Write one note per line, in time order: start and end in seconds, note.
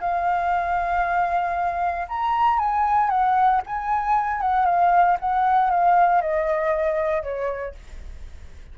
0.00 2.07 F5
2.08 2.58 A#5
2.58 3.09 G#5
3.09 3.61 F#5
3.66 4.41 G#5
4.41 4.65 F#5
4.65 5.17 F5
5.20 5.70 F#5
5.70 6.21 F5
6.21 7.22 D#5
7.22 7.74 C#5